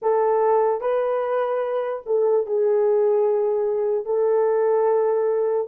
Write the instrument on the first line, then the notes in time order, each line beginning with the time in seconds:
horn
0.01 A4
0.80 B4
2.06 A4
2.46 G#4
4.05 A4